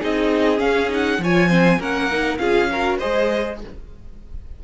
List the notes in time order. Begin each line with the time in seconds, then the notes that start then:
0.00 C4 D#4 G#4 D#5
0.57 C#4 F5
0.89 D#4 F#5
1.19 F3 F4 C#5 G#5
1.49 C4 C5
1.79 A#3 C#4 A#4 F#5
2.12 D#4
2.38 C#4 F4 G#4 F5
2.72 F#4 A#4
2.98 G#4 C5 D#5
3.04 G#3